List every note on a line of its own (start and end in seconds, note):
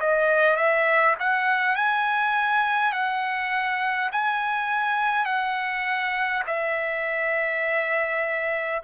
0.00 0.57 D#5
0.57 1.16 E5
1.20 1.76 F#5
1.76 2.93 G#5
2.93 4.10 F#5
4.12 5.26 G#5
5.26 6.43 F#5
6.47 8.82 E5